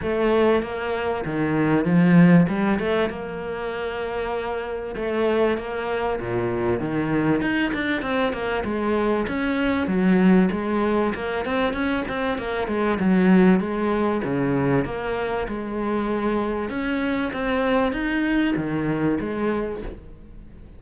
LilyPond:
\new Staff \with { instrumentName = "cello" } { \time 4/4 \tempo 4 = 97 a4 ais4 dis4 f4 | g8 a8 ais2. | a4 ais4 ais,4 dis4 | dis'8 d'8 c'8 ais8 gis4 cis'4 |
fis4 gis4 ais8 c'8 cis'8 c'8 | ais8 gis8 fis4 gis4 cis4 | ais4 gis2 cis'4 | c'4 dis'4 dis4 gis4 | }